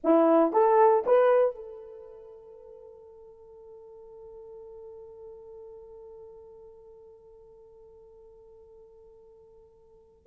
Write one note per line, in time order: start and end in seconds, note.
0.03 0.52 E4
0.52 1.04 A4
1.06 1.55 B4
1.55 10.26 A4